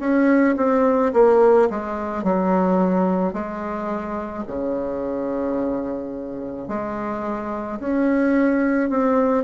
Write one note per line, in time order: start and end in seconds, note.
0.00 0.56 C#4
0.57 1.13 C4
1.14 1.69 A#3
1.71 2.24 G#3
2.24 3.33 F#3
3.33 4.44 G#3
4.47 6.69 C#3
6.69 7.80 G#3
7.80 8.90 C#4
8.90 9.44 C4